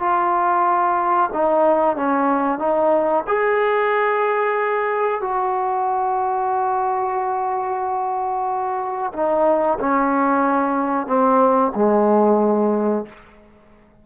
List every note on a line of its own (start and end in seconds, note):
0.00 1.30 F4
1.34 1.97 D#4
1.97 2.59 C#4
2.59 3.24 D#4
3.28 5.22 G#4
5.22 9.13 F#4
9.14 9.79 D#4
9.80 11.07 C#4
11.07 11.72 C4
11.76 13.06 G#3